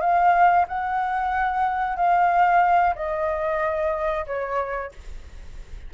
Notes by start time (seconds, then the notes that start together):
0.00 F5
0.67 F#5
1.96 F5
2.95 D#5
4.26 C#5